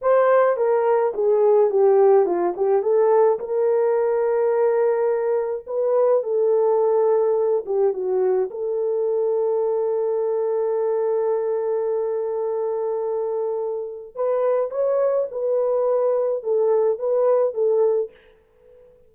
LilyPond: \new Staff \with { instrumentName = "horn" } { \time 4/4 \tempo 4 = 106 c''4 ais'4 gis'4 g'4 | f'8 g'8 a'4 ais'2~ | ais'2 b'4 a'4~ | a'4. g'8 fis'4 a'4~ |
a'1~ | a'1~ | a'4 b'4 cis''4 b'4~ | b'4 a'4 b'4 a'4 | }